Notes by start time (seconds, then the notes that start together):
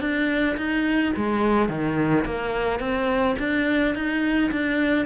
0.00 D4
0.57 D#4
1.16 G#3
1.68 D#3
2.25 A#3
2.80 C4
3.39 D4
3.94 D#4
4.51 D4